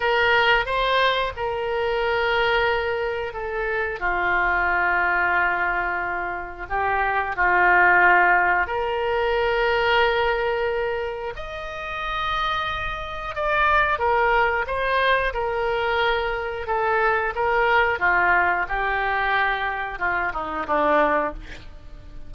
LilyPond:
\new Staff \with { instrumentName = "oboe" } { \time 4/4 \tempo 4 = 90 ais'4 c''4 ais'2~ | ais'4 a'4 f'2~ | f'2 g'4 f'4~ | f'4 ais'2.~ |
ais'4 dis''2. | d''4 ais'4 c''4 ais'4~ | ais'4 a'4 ais'4 f'4 | g'2 f'8 dis'8 d'4 | }